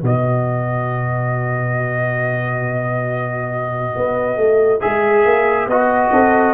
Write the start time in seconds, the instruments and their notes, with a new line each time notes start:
0.00 tuba B2, trombone F#4, horn B4, trumpet D#5
3.96 tuba B3
4.37 tuba A3
4.81 tuba G#3, trombone G#4, trumpet E5
5.25 tuba A#3
5.67 tuba B3, trombone F#4, trumpet D#5
6.12 tuba C4, horn A4